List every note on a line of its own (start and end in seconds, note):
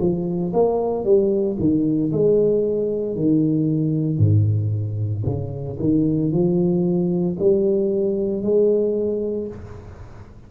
0.00 0.53 F3
0.54 1.04 A#3
1.04 1.57 G3
1.59 2.12 D#3
2.12 3.15 G#3
3.15 4.18 D#3
4.18 5.23 G#2
5.26 5.78 C#3
5.79 6.32 D#3
6.32 7.37 F3
7.39 8.42 G3
8.42 9.47 G#3